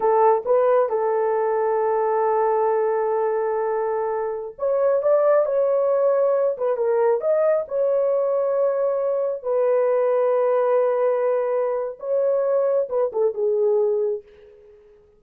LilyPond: \new Staff \with { instrumentName = "horn" } { \time 4/4 \tempo 4 = 135 a'4 b'4 a'2~ | a'1~ | a'2~ a'16 cis''4 d''8.~ | d''16 cis''2~ cis''8 b'8 ais'8.~ |
ais'16 dis''4 cis''2~ cis''8.~ | cis''4~ cis''16 b'2~ b'8.~ | b'2. cis''4~ | cis''4 b'8 a'8 gis'2 | }